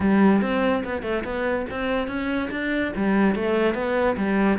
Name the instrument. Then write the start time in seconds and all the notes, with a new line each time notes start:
cello
0.00 G3
0.41 C4
0.84 B3
1.02 A3
1.24 B3
1.70 C4
2.07 C#4
2.50 D4
2.96 G3
3.35 A3
3.74 B3
4.16 G3